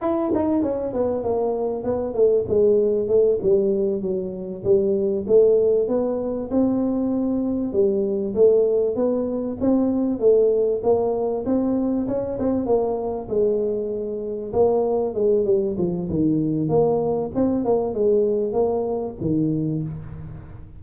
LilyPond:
\new Staff \with { instrumentName = "tuba" } { \time 4/4 \tempo 4 = 97 e'8 dis'8 cis'8 b8 ais4 b8 a8 | gis4 a8 g4 fis4 g8~ | g8 a4 b4 c'4.~ | c'8 g4 a4 b4 c'8~ |
c'8 a4 ais4 c'4 cis'8 | c'8 ais4 gis2 ais8~ | ais8 gis8 g8 f8 dis4 ais4 | c'8 ais8 gis4 ais4 dis4 | }